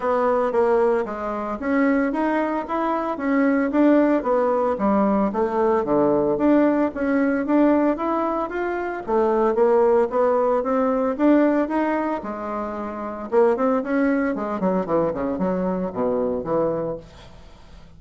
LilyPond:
\new Staff \with { instrumentName = "bassoon" } { \time 4/4 \tempo 4 = 113 b4 ais4 gis4 cis'4 | dis'4 e'4 cis'4 d'4 | b4 g4 a4 d4 | d'4 cis'4 d'4 e'4 |
f'4 a4 ais4 b4 | c'4 d'4 dis'4 gis4~ | gis4 ais8 c'8 cis'4 gis8 fis8 | e8 cis8 fis4 b,4 e4 | }